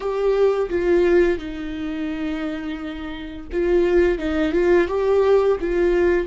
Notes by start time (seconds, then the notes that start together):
0.00 G4
0.69 F4
1.38 D#4
3.52 F4
4.18 D#4
4.52 F4
4.87 G4
5.60 F4